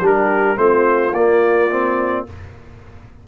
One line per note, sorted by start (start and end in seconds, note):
0.00 0.56 G3
0.00 0.56 D4
0.00 0.57 G4
0.06 0.57 A#4
0.56 1.12 A3
0.56 1.12 C4
0.56 2.27 F4
0.56 1.13 C5
1.12 2.24 A#3
1.12 1.70 A#3
1.12 2.26 D5
1.70 2.26 C4